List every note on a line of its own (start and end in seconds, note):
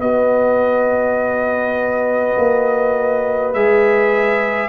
0.00 2.35 B3
0.00 3.55 F#4
0.00 4.69 B4
0.00 3.54 D#5
2.37 3.54 A#3
3.54 4.69 G#3
3.54 4.69 G#4
3.54 4.69 E5